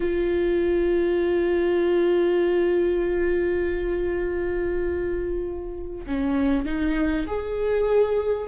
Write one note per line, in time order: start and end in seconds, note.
0.00 6.05 F4
6.06 6.65 C#4
6.65 7.26 D#4
7.26 8.47 G#4